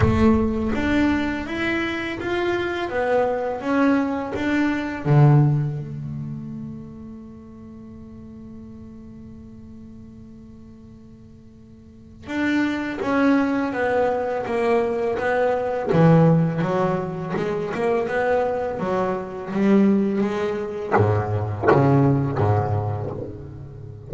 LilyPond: \new Staff \with { instrumentName = "double bass" } { \time 4/4 \tempo 4 = 83 a4 d'4 e'4 f'4 | b4 cis'4 d'4 d4 | a1~ | a1~ |
a4 d'4 cis'4 b4 | ais4 b4 e4 fis4 | gis8 ais8 b4 fis4 g4 | gis4 gis,4 cis4 gis,4 | }